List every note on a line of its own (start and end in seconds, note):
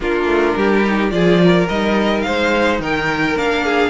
0.00 0.25 A#3
0.00 0.84 D4
0.00 0.57 F4
0.00 1.10 A#4
0.25 0.53 A3
0.56 1.11 G3
0.56 1.13 G4
0.84 1.10 D#4
1.10 1.67 F3
1.10 1.66 F4
1.10 1.42 G#4
1.10 1.66 D5
1.44 2.26 A#4
1.69 2.25 G3
1.69 3.36 D#4
1.69 2.20 D#5
2.20 2.80 C5
2.20 2.76 F5
2.27 2.79 G#3
2.79 3.35 D#3
2.79 3.63 A#4
2.79 3.37 G5
3.36 3.90 A#3
3.36 3.90 D4
3.36 3.90 F5
3.63 3.90 G#4